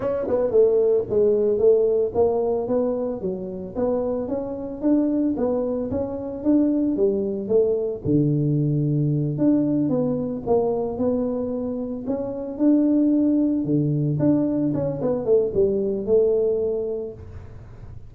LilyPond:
\new Staff \with { instrumentName = "tuba" } { \time 4/4 \tempo 4 = 112 cis'8 b8 a4 gis4 a4 | ais4 b4 fis4 b4 | cis'4 d'4 b4 cis'4 | d'4 g4 a4 d4~ |
d4. d'4 b4 ais8~ | ais8 b2 cis'4 d'8~ | d'4. d4 d'4 cis'8 | b8 a8 g4 a2 | }